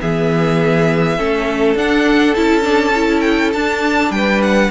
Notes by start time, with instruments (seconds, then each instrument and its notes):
0.00 cello E3, viola B3, violin G#4 E5
1.18 cello A3, viola C#4, violin A4
1.75 cello D4, viola D4, violin F#5
2.35 cello C#4, viola E4, violin A5
2.62 viola D4
2.96 viola E4
3.21 violin G5
3.53 cello D4, viola D4, violin A5
4.11 cello G3, violin B4 G5
4.43 violin F#5